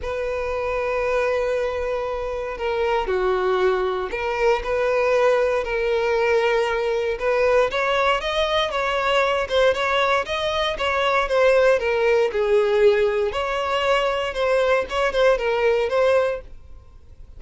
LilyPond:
\new Staff \with { instrumentName = "violin" } { \time 4/4 \tempo 4 = 117 b'1~ | b'4 ais'4 fis'2 | ais'4 b'2 ais'4~ | ais'2 b'4 cis''4 |
dis''4 cis''4. c''8 cis''4 | dis''4 cis''4 c''4 ais'4 | gis'2 cis''2 | c''4 cis''8 c''8 ais'4 c''4 | }